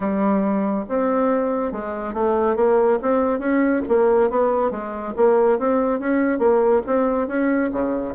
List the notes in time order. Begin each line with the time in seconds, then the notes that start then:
0.00 G3
0.88 C4
1.72 G#3
2.13 A3
2.56 A#3
3.02 C4
3.39 C#4
3.88 A#3
4.30 B3
4.70 G#3
5.16 A#3
5.58 C4
5.99 C#4
6.39 A#3
6.86 C4
7.27 C#4
7.71 C#3